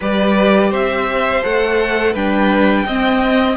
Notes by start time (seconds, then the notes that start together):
0.00 G3 G4 B4 D5
0.70 C4 C5 E5
1.42 A3 A4 F#5
2.12 G3 D4 B4 G5
2.86 C4 D#5